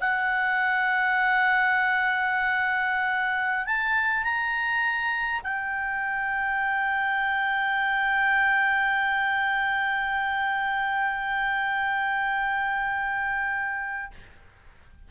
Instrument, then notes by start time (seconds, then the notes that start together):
clarinet
0.00 F#5
3.66 A5
4.23 A#5
5.43 G5